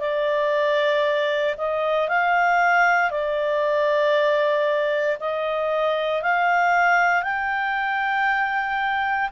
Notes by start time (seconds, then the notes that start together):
0.00 D5
1.58 D#5
2.09 F5
3.11 D5
5.20 D#5
6.23 F5
7.23 G5